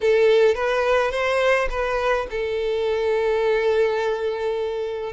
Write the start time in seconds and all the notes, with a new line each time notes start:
0.00 A4
0.54 B4
1.11 C5
1.69 B4
2.30 A4